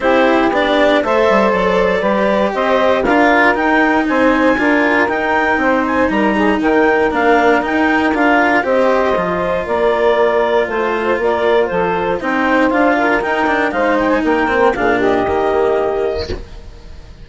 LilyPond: <<
  \new Staff \with { instrumentName = "clarinet" } { \time 4/4 \tempo 4 = 118 c''4 d''4 e''4 d''4~ | d''4 dis''4 f''4 g''4 | gis''2 g''4. gis''8 | ais''4 g''4 f''4 g''4 |
f''4 dis''2 d''4~ | d''4 c''4 d''4 c''4 | g''4 f''4 g''4 f''8 g''16 gis''16 | g''4 f''8 dis''2~ dis''8 | }
  \new Staff \with { instrumentName = "saxophone" } { \time 4/4 g'2 c''2 | b'4 c''4 ais'2 | c''4 ais'2 c''4 | ais'8 gis'8 ais'2.~ |
ais'4 c''2 ais'4~ | ais'4 c''4 ais'4 a'4 | c''4. ais'4. c''4 | ais'4 gis'8 g'2~ g'8 | }
  \new Staff \with { instrumentName = "cello" } { \time 4/4 e'4 d'4 a'2 | g'2 f'4 dis'4~ | dis'4 f'4 dis'2~ | dis'2 d'4 dis'4 |
f'4 g'4 f'2~ | f'1 | dis'4 f'4 dis'8 d'8 dis'4~ | dis'8 c'8 d'4 ais2 | }
  \new Staff \with { instrumentName = "bassoon" } { \time 4/4 c'4 b4 a8 g8 fis4 | g4 c'4 d'4 dis'4 | c'4 d'4 dis'4 c'4 | g4 dis4 ais4 dis'4 |
d'4 c'4 f4 ais4~ | ais4 a4 ais4 f4 | c'4 d'4 dis'4 gis4 | ais4 ais,4 dis2 | }
>>